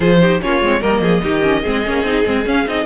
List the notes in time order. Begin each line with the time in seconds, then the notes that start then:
0.00 F3 F4 G#4 C5
0.21 D#4 G4
0.41 A#3 C#4 F4 C#5
0.61 G#3 C4
0.80 G3 A#3 A#4 D#5
1.00 F3 G#4
1.23 D#3 D#4 G4
1.42 C#4
1.62 G#3 C4 G#4
1.85 A#3 C#4
2.03 C4 D#4
2.25 G#3 C4
2.45 C#4 F5
2.67 C4 D#4 D#5